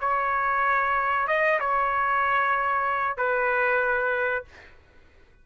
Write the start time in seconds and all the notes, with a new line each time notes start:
0.00 C#5
1.27 D#5
1.60 C#5
3.17 B4